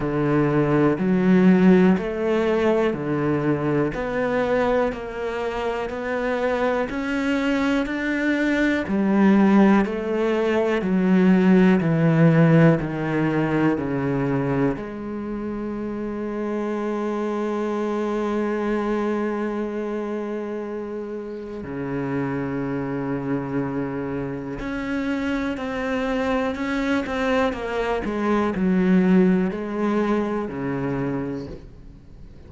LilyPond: \new Staff \with { instrumentName = "cello" } { \time 4/4 \tempo 4 = 61 d4 fis4 a4 d4 | b4 ais4 b4 cis'4 | d'4 g4 a4 fis4 | e4 dis4 cis4 gis4~ |
gis1~ | gis2 cis2~ | cis4 cis'4 c'4 cis'8 c'8 | ais8 gis8 fis4 gis4 cis4 | }